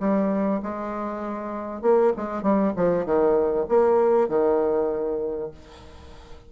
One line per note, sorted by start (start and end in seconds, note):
0.00 0.61 G3
0.63 1.82 G#3
1.82 2.13 A#3
2.17 2.43 G#3
2.43 2.74 G3
2.77 3.06 F3
3.06 3.67 D#3
3.69 4.29 A#3
4.29 5.52 D#3